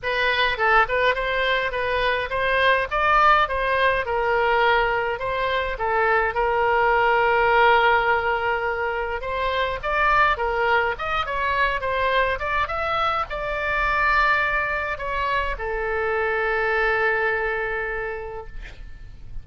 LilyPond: \new Staff \with { instrumentName = "oboe" } { \time 4/4 \tempo 4 = 104 b'4 a'8 b'8 c''4 b'4 | c''4 d''4 c''4 ais'4~ | ais'4 c''4 a'4 ais'4~ | ais'1 |
c''4 d''4 ais'4 dis''8 cis''8~ | cis''8 c''4 d''8 e''4 d''4~ | d''2 cis''4 a'4~ | a'1 | }